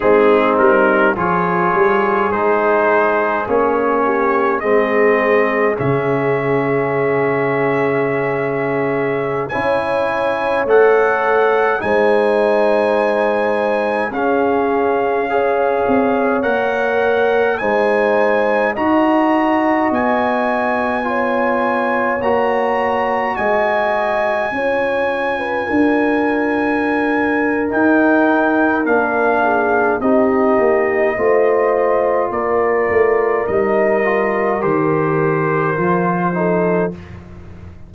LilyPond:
<<
  \new Staff \with { instrumentName = "trumpet" } { \time 4/4 \tempo 4 = 52 gis'8 ais'8 cis''4 c''4 cis''4 | dis''4 e''2.~ | e''16 gis''4 fis''4 gis''4.~ gis''16~ | gis''16 f''2 fis''4 gis''8.~ |
gis''16 ais''4 gis''2 ais''8.~ | ais''16 gis''2.~ gis''8. | g''4 f''4 dis''2 | d''4 dis''4 c''2 | }
  \new Staff \with { instrumentName = "horn" } { \time 4/4 dis'4 gis'2~ gis'8 g'8 | gis'1~ | gis'16 cis''2 c''4.~ c''16~ | c''16 gis'4 cis''2 c''8.~ |
c''16 dis''2 cis''4.~ cis''16~ | cis''16 dis''4 cis''8. b'16 ais'4.~ ais'16~ | ais'4. gis'8 g'4 c''4 | ais'2.~ ais'8 a'8 | }
  \new Staff \with { instrumentName = "trombone" } { \time 4/4 c'4 f'4 dis'4 cis'4 | c'4 cis'2.~ | cis'16 e'4 a'4 dis'4.~ dis'16~ | dis'16 cis'4 gis'4 ais'4 dis'8.~ |
dis'16 fis'2 f'4 fis'8.~ | fis'4~ fis'16 f'2~ f'8. | dis'4 d'4 dis'4 f'4~ | f'4 dis'8 f'8 g'4 f'8 dis'8 | }
  \new Staff \with { instrumentName = "tuba" } { \time 4/4 gis8 g8 f8 g8 gis4 ais4 | gis4 cis2.~ | cis16 cis'4 a4 gis4.~ gis16~ | gis16 cis'4. c'8 ais4 gis8.~ |
gis16 dis'4 b2 ais8.~ | ais16 gis4 cis'4 d'4.~ d'16 | dis'4 ais4 c'8 ais8 a4 | ais8 a8 g4 dis4 f4 | }
>>